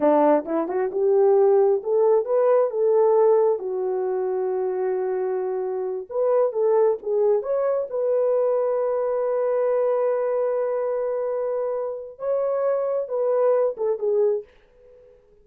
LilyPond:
\new Staff \with { instrumentName = "horn" } { \time 4/4 \tempo 4 = 133 d'4 e'8 fis'8 g'2 | a'4 b'4 a'2 | fis'1~ | fis'4. b'4 a'4 gis'8~ |
gis'8 cis''4 b'2~ b'8~ | b'1~ | b'2. cis''4~ | cis''4 b'4. a'8 gis'4 | }